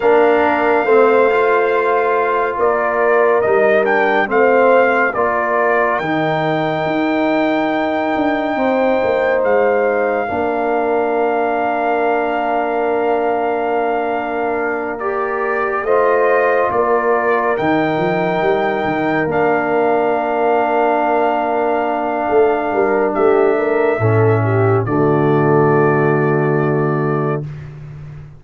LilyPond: <<
  \new Staff \with { instrumentName = "trumpet" } { \time 4/4 \tempo 4 = 70 f''2. d''4 | dis''8 g''8 f''4 d''4 g''4~ | g''2. f''4~ | f''1~ |
f''4. d''4 dis''4 d''8~ | d''8 g''2 f''4.~ | f''2. e''4~ | e''4 d''2. | }
  \new Staff \with { instrumentName = "horn" } { \time 4/4 ais'4 c''2 ais'4~ | ais'4 c''4 ais'2~ | ais'2 c''2 | ais'1~ |
ais'2~ ais'8 c''4 ais'8~ | ais'1~ | ais'2 a'8 ais'8 g'8 ais'8 | a'8 g'8 fis'2. | }
  \new Staff \with { instrumentName = "trombone" } { \time 4/4 d'4 c'8 f'2~ f'8 | dis'8 d'8 c'4 f'4 dis'4~ | dis'1 | d'1~ |
d'4. g'4 f'4.~ | f'8 dis'2 d'4.~ | d'1 | cis'4 a2. | }
  \new Staff \with { instrumentName = "tuba" } { \time 4/4 ais4 a2 ais4 | g4 a4 ais4 dis4 | dis'4. d'8 c'8 ais8 gis4 | ais1~ |
ais2~ ais8 a4 ais8~ | ais8 dis8 f8 g8 dis8 ais4.~ | ais2 a8 g8 a4 | a,4 d2. | }
>>